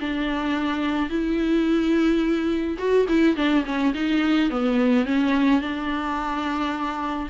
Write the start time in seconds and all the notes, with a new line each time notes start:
0.00 D4
1.10 E4
2.79 F#4
3.09 E4
3.37 D4
3.66 C#4
3.95 D#4
4.51 B3
5.06 C#4
5.62 D4